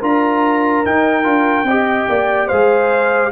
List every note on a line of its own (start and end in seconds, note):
0.00 0.85 D4
0.00 0.85 F4
0.00 1.67 A#4
0.00 0.86 A#5
0.85 1.25 D#4
0.85 1.23 D#4
0.85 2.48 G5
1.23 1.64 D4
1.23 1.65 F4
1.64 2.05 C4
1.64 2.52 G4
1.64 2.09 D#5
2.09 2.51 A#3
2.09 2.47 D5
2.47 3.32 G#3
2.47 3.32 G#4
2.47 3.31 C5
2.47 3.31 F5